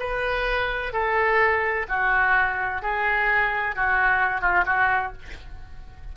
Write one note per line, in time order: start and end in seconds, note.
0.00 0.93 B4
0.93 1.87 A4
1.89 2.82 F#4
2.82 3.76 G#4
3.76 4.41 F#4
4.41 4.65 F4
4.66 5.13 F#4